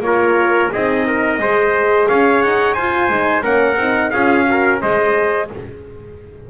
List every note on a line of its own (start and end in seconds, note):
0.00 0.68 A#3
0.00 0.71 F4
0.00 0.70 C#5
0.06 0.72 A#4
0.71 1.38 C4
0.71 1.42 D#4
0.71 1.06 G#4
0.71 2.08 D#5
1.06 1.40 A#4
1.38 2.07 G#3
1.38 2.77 G#4
1.38 2.08 C5
2.08 2.44 C#4
2.08 2.74 C#5
2.08 2.42 F5
2.42 2.77 D#4
2.42 2.74 F#5
2.74 3.09 F4
2.74 3.10 F4
2.74 3.43 C5
2.74 3.42 G#5
3.09 3.43 G#3
3.09 3.42 D#4
3.42 3.76 A#3
3.42 3.76 C#4
3.42 4.11 A#4
3.42 4.10 F#5
3.76 4.10 C4
3.76 4.13 D#4
4.10 4.81 C#4
4.10 4.46 F4
4.10 4.46 G#4
4.10 4.78 F5
4.46 4.80 F#4
4.46 4.82 A#4
4.81 5.50 G#3
4.81 5.50 G#4
4.81 5.50 C5
4.81 5.49 D#5